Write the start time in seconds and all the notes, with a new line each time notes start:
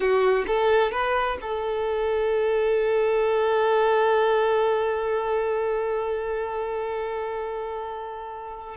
0.00 F#4
0.47 A4
0.91 B4
1.41 A4